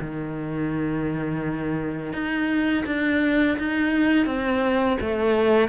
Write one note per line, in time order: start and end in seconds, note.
0.00 2.12 D#3
2.12 2.84 D#4
2.86 3.57 D4
3.58 4.26 D#4
4.26 4.97 C4
5.01 5.68 A3